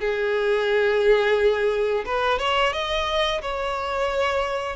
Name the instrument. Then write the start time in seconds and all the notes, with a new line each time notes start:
violin
0.00 G#4
2.05 B4
2.39 C#5
2.73 D#5
3.42 C#5